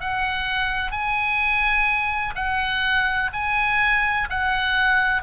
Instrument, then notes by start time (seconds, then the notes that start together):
oboe
0.00 F#5
0.91 G#5
2.35 F#5
3.33 G#5
4.30 F#5